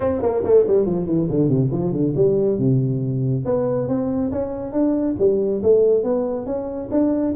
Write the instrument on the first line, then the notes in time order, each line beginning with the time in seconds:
tuba
0.00 C4
0.21 A#3
0.44 A3
0.67 G3
0.86 F3
1.06 E3
1.30 D3
1.48 C3
1.71 F3
1.92 D3
2.15 G3
2.58 C3
3.45 B3
3.88 C4
4.31 C#4
4.72 D4
5.18 G3
5.62 A3
6.03 B3
6.46 C#4
6.91 D4